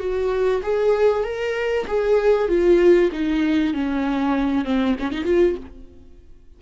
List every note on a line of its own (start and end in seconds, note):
0.00 0.62 F#4
0.63 1.24 G#4
1.24 1.86 A#4
1.87 2.49 G#4
2.49 3.11 F4
3.12 3.74 D#4
3.74 4.65 C#4
4.65 4.96 C4
5.00 5.12 C#4
5.12 5.25 D#4
5.25 5.56 F4